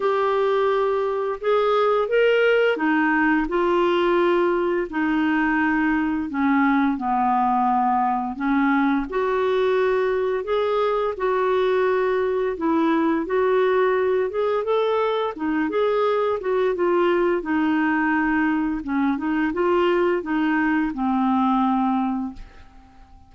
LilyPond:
\new Staff \with { instrumentName = "clarinet" } { \time 4/4 \tempo 4 = 86 g'2 gis'4 ais'4 | dis'4 f'2 dis'4~ | dis'4 cis'4 b2 | cis'4 fis'2 gis'4 |
fis'2 e'4 fis'4~ | fis'8 gis'8 a'4 dis'8 gis'4 fis'8 | f'4 dis'2 cis'8 dis'8 | f'4 dis'4 c'2 | }